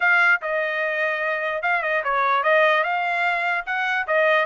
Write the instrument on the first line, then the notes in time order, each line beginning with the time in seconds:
trumpet
0.00 F5
0.41 D#5
1.62 F5
1.82 D#5
2.04 C#5
2.43 D#5
2.83 F5
3.66 F#5
4.07 D#5